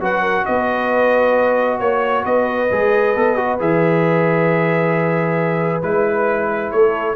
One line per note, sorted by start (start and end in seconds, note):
0.00 0.45 F#3
0.00 2.69 F#4
0.00 0.21 B4
0.00 0.45 F#5
0.21 0.44 A#4
0.45 1.80 B3
0.45 1.80 B4
0.45 1.79 D#5
1.79 2.24 A#3
1.79 2.24 C#5
1.79 2.23 C#5
2.23 2.69 B3
2.23 6.71 B4
2.23 3.59 D#5
2.71 3.15 G#3
2.71 3.16 G#4
3.15 3.60 B3
3.15 3.36 A4
3.36 3.58 F#4
3.59 5.83 E3
3.59 5.83 G#4
3.59 5.82 E5
5.82 6.72 G#3
5.82 7.16 E4
5.82 6.71 B4
6.71 7.16 A3
6.71 7.16 A4
6.71 7.16 C#5